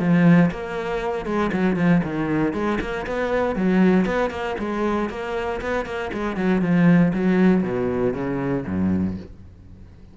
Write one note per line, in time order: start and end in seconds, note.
0.00 0.51 F3
0.51 1.26 A#3
1.26 1.51 G#3
1.53 1.76 F#3
1.76 2.02 F3
2.04 2.53 D#3
2.53 2.79 G#3
2.81 3.06 A#3
3.07 3.56 B3
3.56 4.06 F#3
4.06 4.30 B3
4.30 4.56 A#3
4.59 5.10 G#3
5.10 5.61 A#3
5.61 5.86 B3
5.86 6.11 A#3
6.13 6.37 G#3
6.37 6.62 F#3
6.62 7.13 F3
7.14 7.63 F#3
7.63 8.14 B2
8.14 8.65 C#3
8.66 9.17 F#2